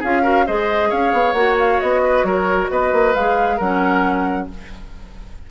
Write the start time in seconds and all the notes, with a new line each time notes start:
0.00 C#4 F4 G#4 F5
0.23 F#4 A#4
0.47 G#3 G#4 C5 D#5
0.90 C#4 C#5 F5
1.13 B3
1.33 A#3 F#4 F#5
1.59 F5
1.80 B3 D#5
2.04 B4
2.24 F#3 A#4 C#5
2.71 B3 B4 D#5
2.93 A#3
3.15 G#3 G#4 F5
3.57 F#3 C#4 A#4 F#5